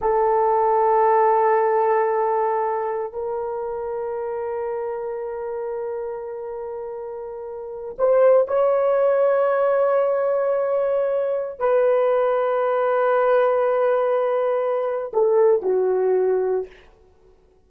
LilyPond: \new Staff \with { instrumentName = "horn" } { \time 4/4 \tempo 4 = 115 a'1~ | a'2 ais'2~ | ais'1~ | ais'2.~ ais'16 c''8.~ |
c''16 cis''2.~ cis''8.~ | cis''2~ cis''16 b'4.~ b'16~ | b'1~ | b'4 a'4 fis'2 | }